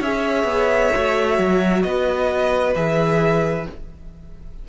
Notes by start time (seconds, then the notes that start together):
0.00 C#4 G#4 C#5 E5
0.44 B3
0.94 A3 F#4
1.39 F#3
1.83 B3 B4 D#5
2.75 E3 G#4 E5